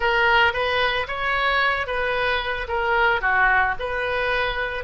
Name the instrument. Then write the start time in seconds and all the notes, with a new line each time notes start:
oboe
0.00 A#4
0.53 B4
1.07 C#5
1.86 B4
2.68 A#4
3.21 F#4
3.79 B4